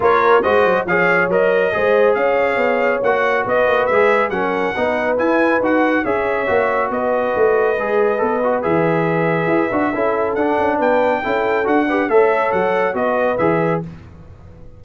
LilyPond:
<<
  \new Staff \with { instrumentName = "trumpet" } { \time 4/4 \tempo 4 = 139 cis''4 dis''4 f''4 dis''4~ | dis''4 f''2 fis''4 | dis''4 e''4 fis''2 | gis''4 fis''4 e''2 |
dis''1 | e''1 | fis''4 g''2 fis''4 | e''4 fis''4 dis''4 e''4 | }
  \new Staff \with { instrumentName = "horn" } { \time 4/4 ais'4 c''4 cis''2 | c''4 cis''2. | b'2 ais'4 b'4~ | b'2 cis''2 |
b'1~ | b'2. a'4~ | a'4 b'4 a'4. b'8 | cis''2 b'2 | }
  \new Staff \with { instrumentName = "trombone" } { \time 4/4 f'4 fis'4 gis'4 ais'4 | gis'2. fis'4~ | fis'4 gis'4 cis'4 dis'4 | e'4 fis'4 gis'4 fis'4~ |
fis'2 gis'4 a'8 fis'8 | gis'2~ gis'8 fis'8 e'4 | d'2 e'4 fis'8 g'8 | a'2 fis'4 gis'4 | }
  \new Staff \with { instrumentName = "tuba" } { \time 4/4 ais4 gis8 fis8 f4 fis4 | gis4 cis'4 b4 ais4 | b8 ais8 gis4 fis4 b4 | e'4 dis'4 cis'4 ais4 |
b4 a4 gis4 b4 | e2 e'8 d'8 cis'4 | d'8 cis'8 b4 cis'4 d'4 | a4 fis4 b4 e4 | }
>>